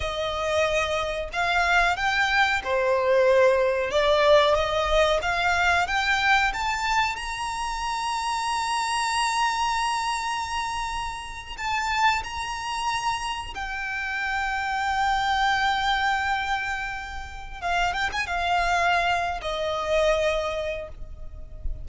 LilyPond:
\new Staff \with { instrumentName = "violin" } { \time 4/4 \tempo 4 = 92 dis''2 f''4 g''4 | c''2 d''4 dis''4 | f''4 g''4 a''4 ais''4~ | ais''1~ |
ais''4.~ ais''16 a''4 ais''4~ ais''16~ | ais''8. g''2.~ g''16~ | g''2. f''8 g''16 gis''16 | f''4.~ f''16 dis''2~ dis''16 | }